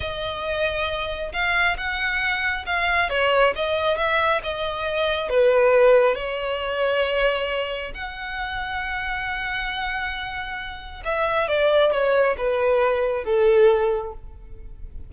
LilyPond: \new Staff \with { instrumentName = "violin" } { \time 4/4 \tempo 4 = 136 dis''2. f''4 | fis''2 f''4 cis''4 | dis''4 e''4 dis''2 | b'2 cis''2~ |
cis''2 fis''2~ | fis''1~ | fis''4 e''4 d''4 cis''4 | b'2 a'2 | }